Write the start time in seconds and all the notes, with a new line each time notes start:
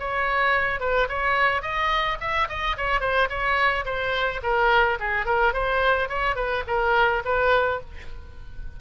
0.00 C#5
0.80 B4
1.09 C#5
1.63 D#5
2.21 E5
2.49 D#5
2.78 C#5
3.01 C5
3.30 C#5
3.86 C5
4.43 A#4
5.00 G#4
5.26 A#4
5.54 C5
6.09 C#5
6.36 B4
6.68 A#4
7.25 B4